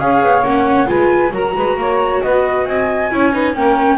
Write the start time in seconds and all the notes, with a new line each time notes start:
0.00 C#4 G#4 C#5 F5
0.23 B3
0.43 A#3 C#4 F#5
0.86 G#3 F4 B4 G#5
1.31 F#3 F#4 A#4 A#5
1.56 G#3 B4
1.77 A#3 C#5
2.22 B3 B4 D#5
2.66 C4 D#5 G#5
3.11 C#4 E4 C#5
3.32 D#4 B4
3.54 A#3 C#4 A#4 G5